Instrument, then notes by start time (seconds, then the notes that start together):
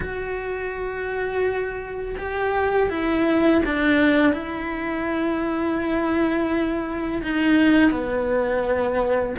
cello
0.00 F#4
2.18 G4
2.89 E4
3.65 D4
4.32 E4
7.23 D#4
7.91 B3